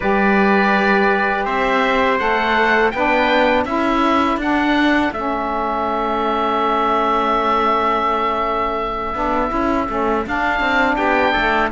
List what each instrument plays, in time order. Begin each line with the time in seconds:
0.00 cello G3, saxophone G4, trumpet B4, oboe D5
1.45 cello C4, trumpet C5, oboe E5
2.18 cello A3, saxophone A4, oboe F#5
2.90 cello B3, saxophone D4, trumpet B4, oboe G5
3.65 cello C#4, saxophone E4, trumpet A4, oboe E5
4.36 cello D4, saxophone D4, oboe F#5
5.12 cello A3, saxophone C#4, oboe E5
9.14 cello B3, saxophone D4
9.48 cello C#4, saxophone E4
9.88 cello A3, saxophone C#4
10.25 saxophone D4, cello D4, oboe F5
10.60 cello C4
10.95 cello B3, trumpet G4, oboe G5
11.32 cello A3, trumpet A4